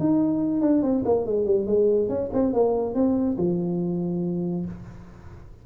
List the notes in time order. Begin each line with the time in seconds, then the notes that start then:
0.00 D#4
0.62 D4
0.83 C4
1.06 A#3
1.26 G#3
1.46 G3
1.67 G#3
2.09 C#4
2.34 C4
2.54 A#3
2.95 C4
3.38 F3